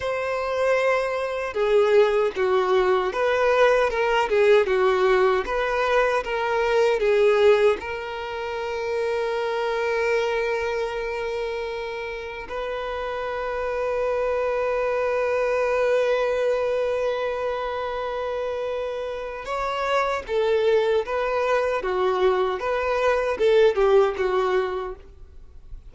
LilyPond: \new Staff \with { instrumentName = "violin" } { \time 4/4 \tempo 4 = 77 c''2 gis'4 fis'4 | b'4 ais'8 gis'8 fis'4 b'4 | ais'4 gis'4 ais'2~ | ais'1 |
b'1~ | b'1~ | b'4 cis''4 a'4 b'4 | fis'4 b'4 a'8 g'8 fis'4 | }